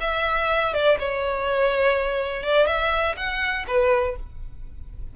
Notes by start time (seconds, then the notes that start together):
0.00 E5
0.73 D5
0.99 C#5
2.43 D5
2.67 E5
3.16 F#5
3.67 B4